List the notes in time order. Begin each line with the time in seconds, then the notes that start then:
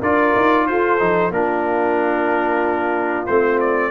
0.00 D4 F4 A#4 D5
0.36 D#4
0.67 F4 A4 C5
0.99 F3 D#4
1.30 A#3 D4 F4 A#4
3.26 A3 C4 C5
3.60 D5